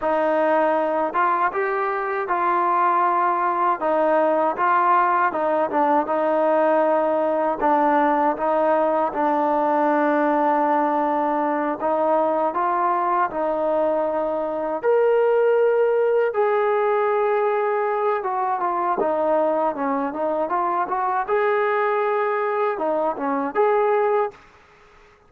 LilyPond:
\new Staff \with { instrumentName = "trombone" } { \time 4/4 \tempo 4 = 79 dis'4. f'8 g'4 f'4~ | f'4 dis'4 f'4 dis'8 d'8 | dis'2 d'4 dis'4 | d'2.~ d'8 dis'8~ |
dis'8 f'4 dis'2 ais'8~ | ais'4. gis'2~ gis'8 | fis'8 f'8 dis'4 cis'8 dis'8 f'8 fis'8 | gis'2 dis'8 cis'8 gis'4 | }